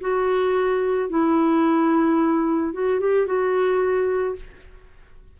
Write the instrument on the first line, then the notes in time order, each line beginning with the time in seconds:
clarinet
0.00 F#4
1.09 E4
2.73 F#4
3.00 G4
3.26 F#4